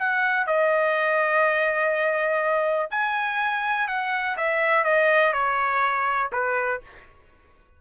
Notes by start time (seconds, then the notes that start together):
0.00 F#5
0.47 D#5
2.91 G#5
3.88 F#5
4.37 E5
4.85 D#5
5.33 C#5
6.33 B4